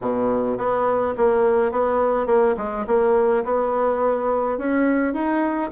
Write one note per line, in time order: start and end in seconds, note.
0.01 0.57 B2
0.57 1.14 B3
1.17 1.71 A#3
1.71 2.26 B3
2.26 2.55 A#3
2.57 2.85 G#3
2.86 3.43 A#3
3.44 4.57 B3
4.57 5.13 C#4
5.13 5.70 D#4